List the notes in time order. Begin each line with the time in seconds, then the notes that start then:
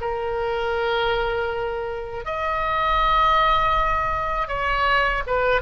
0.00 A#4
2.25 D#5
4.48 C#5
5.26 B4